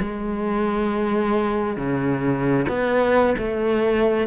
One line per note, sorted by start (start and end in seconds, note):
0.00 1.76 G#3
1.76 2.66 C#3
2.68 3.35 B3
3.38 4.27 A3